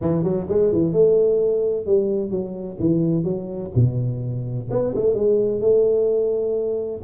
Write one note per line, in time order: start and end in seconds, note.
0.01 0.23 E3
0.23 0.46 F#3
0.48 0.72 G#3
0.72 0.93 E3
0.93 1.85 A3
1.85 2.30 G3
2.30 2.77 F#3
2.79 3.23 E3
3.23 3.70 F#3
3.75 4.69 B2
4.70 4.94 B3
4.95 5.14 A3
5.14 5.61 G#3
5.61 7.01 A3